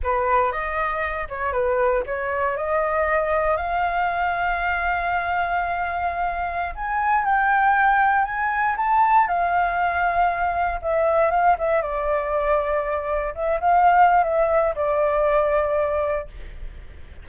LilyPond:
\new Staff \with { instrumentName = "flute" } { \time 4/4 \tempo 4 = 118 b'4 dis''4. cis''8 b'4 | cis''4 dis''2 f''4~ | f''1~ | f''4~ f''16 gis''4 g''4.~ g''16~ |
g''16 gis''4 a''4 f''4.~ f''16~ | f''4~ f''16 e''4 f''8 e''8 d''8.~ | d''2~ d''16 e''8 f''4~ f''16 | e''4 d''2. | }